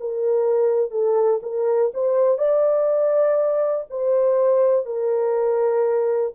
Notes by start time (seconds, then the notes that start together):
0.00 A#4
0.90 A4
1.42 A#4
1.94 C5
2.38 D5
3.90 C5
4.85 A#4